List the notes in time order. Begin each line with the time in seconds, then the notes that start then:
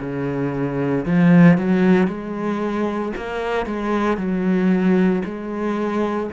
0.00 C#3
1.06 F3
1.58 F#3
2.07 G#3
3.17 A#3
3.67 G#3
4.17 F#3
5.25 G#3